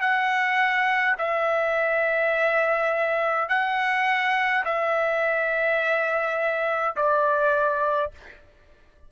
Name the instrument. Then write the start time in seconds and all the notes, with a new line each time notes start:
trumpet
0.00 F#5
1.17 E5
3.48 F#5
4.65 E5
6.95 D5